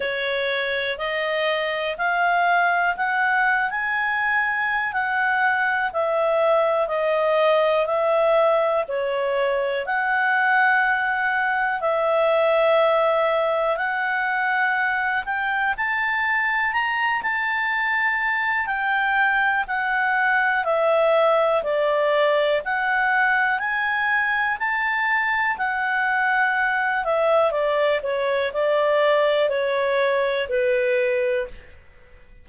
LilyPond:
\new Staff \with { instrumentName = "clarinet" } { \time 4/4 \tempo 4 = 61 cis''4 dis''4 f''4 fis''8. gis''16~ | gis''4 fis''4 e''4 dis''4 | e''4 cis''4 fis''2 | e''2 fis''4. g''8 |
a''4 ais''8 a''4. g''4 | fis''4 e''4 d''4 fis''4 | gis''4 a''4 fis''4. e''8 | d''8 cis''8 d''4 cis''4 b'4 | }